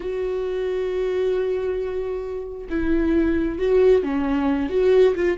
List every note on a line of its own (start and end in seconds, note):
0.00 2.67 F#4
2.69 3.58 E4
3.58 4.03 F#4
4.03 4.69 C#4
4.69 5.14 F#4
5.15 5.37 F4